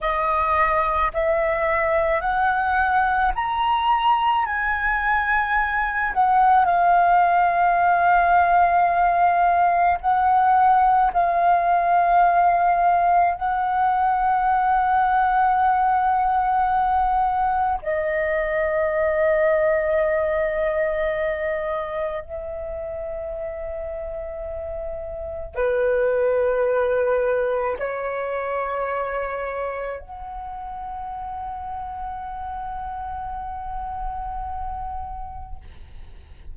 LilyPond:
\new Staff \with { instrumentName = "flute" } { \time 4/4 \tempo 4 = 54 dis''4 e''4 fis''4 ais''4 | gis''4. fis''8 f''2~ | f''4 fis''4 f''2 | fis''1 |
dis''1 | e''2. b'4~ | b'4 cis''2 fis''4~ | fis''1 | }